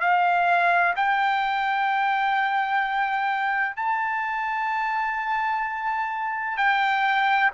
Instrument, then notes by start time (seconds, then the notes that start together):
trumpet
0.00 F5
0.95 G5
3.76 A5
6.57 G5